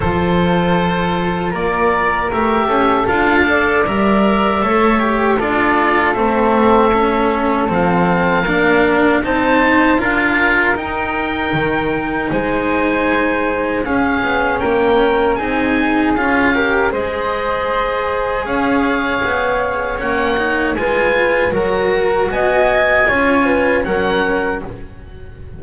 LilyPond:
<<
  \new Staff \with { instrumentName = "oboe" } { \time 4/4 \tempo 4 = 78 c''2 d''4 e''4 | f''4 e''2 d''4 | e''2 f''2 | a''4 f''4 g''2 |
gis''2 f''4 g''4 | gis''4 f''4 dis''2 | f''2 fis''4 gis''4 | ais''4 gis''2 fis''4 | }
  \new Staff \with { instrumentName = "flute" } { \time 4/4 a'2 ais'4. a'8~ | a'8 d''4. cis''4 a'4~ | a'2. ais'4 | c''4 ais'2. |
c''2 gis'4 ais'4 | gis'4. ais'8 c''2 | cis''2. b'4 | ais'4 dis''4 cis''8 b'8 ais'4 | }
  \new Staff \with { instrumentName = "cello" } { \time 4/4 f'2. g'4 | f'8 a'8 ais'4 a'8 g'8 f'4 | c'4 cis'4 c'4 d'4 | dis'4 f'4 dis'2~ |
dis'2 cis'2 | dis'4 f'8 g'8 gis'2~ | gis'2 cis'8 dis'8 f'4 | fis'2 f'4 cis'4 | }
  \new Staff \with { instrumentName = "double bass" } { \time 4/4 f2 ais4 a8 cis'8 | d'4 g4 a4 d'4 | a2 f4 ais4 | c'4 d'4 dis'4 dis4 |
gis2 cis'8 b8 ais4 | c'4 cis'4 gis2 | cis'4 b4 ais4 gis4 | fis4 b4 cis'4 fis4 | }
>>